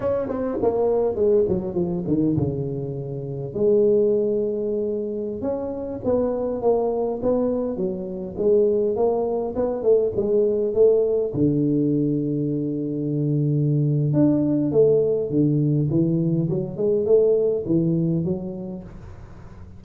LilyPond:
\new Staff \with { instrumentName = "tuba" } { \time 4/4 \tempo 4 = 102 cis'8 c'8 ais4 gis8 fis8 f8 dis8 | cis2 gis2~ | gis4~ gis16 cis'4 b4 ais8.~ | ais16 b4 fis4 gis4 ais8.~ |
ais16 b8 a8 gis4 a4 d8.~ | d1 | d'4 a4 d4 e4 | fis8 gis8 a4 e4 fis4 | }